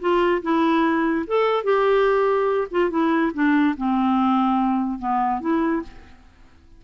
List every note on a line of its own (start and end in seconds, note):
0.00 0.42 F4
0.42 1.25 E4
1.27 1.63 A4
1.63 2.68 G4
2.71 2.90 F4
2.90 3.31 E4
3.33 3.75 D4
3.77 4.98 C4
4.98 5.40 B3
5.40 5.82 E4